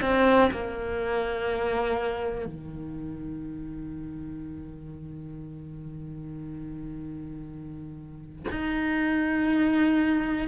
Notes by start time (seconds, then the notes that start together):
0.00 C4
0.51 A#3
2.45 D#3
8.50 D#4